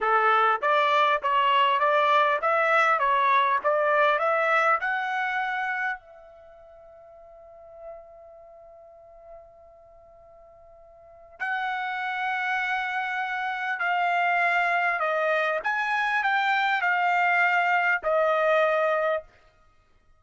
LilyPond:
\new Staff \with { instrumentName = "trumpet" } { \time 4/4 \tempo 4 = 100 a'4 d''4 cis''4 d''4 | e''4 cis''4 d''4 e''4 | fis''2 e''2~ | e''1~ |
e''2. fis''4~ | fis''2. f''4~ | f''4 dis''4 gis''4 g''4 | f''2 dis''2 | }